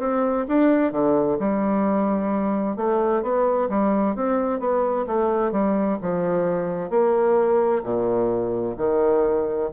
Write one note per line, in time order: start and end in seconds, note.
0.00 0.46 C4
0.48 0.92 D4
0.92 1.38 D3
1.39 2.77 G3
2.77 3.23 A3
3.23 3.69 B3
3.70 4.16 G3
4.16 4.60 C4
4.60 5.06 B3
5.07 5.52 A3
5.52 5.98 G3
6.02 6.90 F3
6.90 7.83 A#3
7.83 8.76 A#2
8.77 9.70 D#3